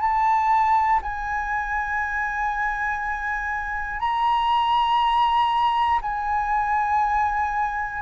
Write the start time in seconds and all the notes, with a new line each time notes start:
0.00 A5
1.02 G#5
4.00 A#5
6.01 G#5